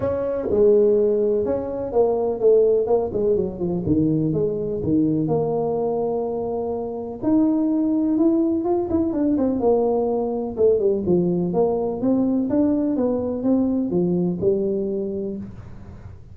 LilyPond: \new Staff \with { instrumentName = "tuba" } { \time 4/4 \tempo 4 = 125 cis'4 gis2 cis'4 | ais4 a4 ais8 gis8 fis8 f8 | dis4 gis4 dis4 ais4~ | ais2. dis'4~ |
dis'4 e'4 f'8 e'8 d'8 c'8 | ais2 a8 g8 f4 | ais4 c'4 d'4 b4 | c'4 f4 g2 | }